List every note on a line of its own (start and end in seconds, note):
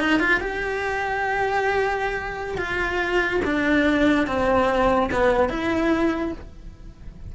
0.00 0.20 D#4
0.20 0.41 F4
0.41 2.58 G4
2.58 3.41 F4
3.45 4.27 D4
4.27 5.10 C4
5.12 5.49 B3
5.49 6.33 E4